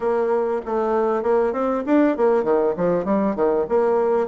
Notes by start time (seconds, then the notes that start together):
0.00 A#3
0.65 A3
1.22 A#3
1.53 C4
1.86 D4
2.17 A#3
2.43 D#3
2.76 F3
3.04 G3
3.35 D#3
3.68 A#3